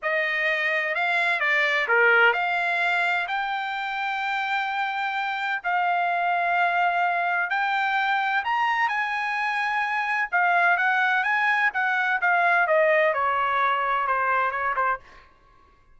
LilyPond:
\new Staff \with { instrumentName = "trumpet" } { \time 4/4 \tempo 4 = 128 dis''2 f''4 d''4 | ais'4 f''2 g''4~ | g''1 | f''1 |
g''2 ais''4 gis''4~ | gis''2 f''4 fis''4 | gis''4 fis''4 f''4 dis''4 | cis''2 c''4 cis''8 c''8 | }